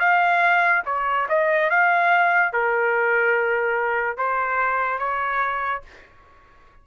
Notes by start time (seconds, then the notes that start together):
0.00 F5
0.86 C#5
1.29 D#5
1.70 F5
2.53 A#4
4.18 C5
4.99 C#5